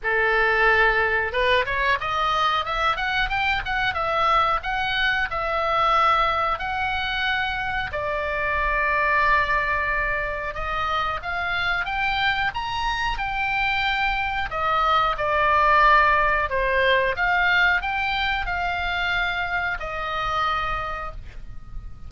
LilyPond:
\new Staff \with { instrumentName = "oboe" } { \time 4/4 \tempo 4 = 91 a'2 b'8 cis''8 dis''4 | e''8 fis''8 g''8 fis''8 e''4 fis''4 | e''2 fis''2 | d''1 |
dis''4 f''4 g''4 ais''4 | g''2 dis''4 d''4~ | d''4 c''4 f''4 g''4 | f''2 dis''2 | }